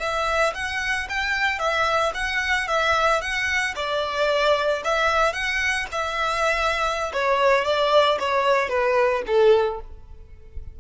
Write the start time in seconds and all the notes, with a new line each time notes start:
0.00 E5
0.55 F#5
1.09 G5
1.59 E5
2.15 F#5
2.68 E5
3.21 F#5
3.76 D5
4.85 E5
5.33 F#5
5.92 E5
7.13 C#5
7.65 D5
8.19 C#5
8.69 B4
9.27 A4